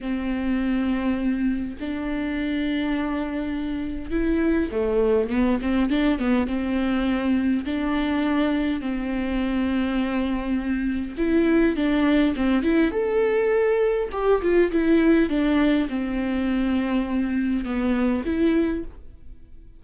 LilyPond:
\new Staff \with { instrumentName = "viola" } { \time 4/4 \tempo 4 = 102 c'2. d'4~ | d'2. e'4 | a4 b8 c'8 d'8 b8 c'4~ | c'4 d'2 c'4~ |
c'2. e'4 | d'4 c'8 e'8 a'2 | g'8 f'8 e'4 d'4 c'4~ | c'2 b4 e'4 | }